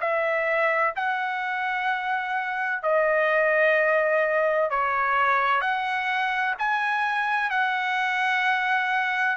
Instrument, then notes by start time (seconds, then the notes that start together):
trumpet
0.00 E5
0.95 F#5
2.82 D#5
4.70 C#5
5.61 F#5
6.58 G#5
7.50 F#5